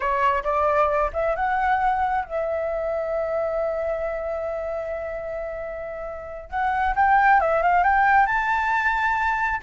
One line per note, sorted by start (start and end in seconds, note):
0.00 0.43 C#5
0.43 1.10 D5
1.13 1.35 E5
1.35 2.24 F#5
2.24 6.49 E5
6.49 6.94 F#5
6.95 7.40 G5
7.40 7.62 E5
7.62 7.83 F5
7.83 8.26 G5
8.26 9.60 A5